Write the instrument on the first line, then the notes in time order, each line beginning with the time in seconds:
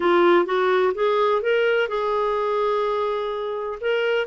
clarinet
0.00 F4
0.45 F#4
0.94 G#4
1.42 A#4
1.88 G#4
3.81 A#4